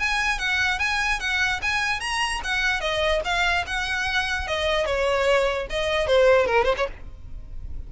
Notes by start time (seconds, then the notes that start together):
0.00 G#5
0.39 F#5
0.80 G#5
1.21 F#5
1.63 G#5
2.00 A#5
2.44 F#5
2.81 D#5
3.25 F5
3.67 F#5
4.48 D#5
4.86 C#5
5.70 D#5
6.07 C5
6.47 A#4
6.65 C5
6.78 C#5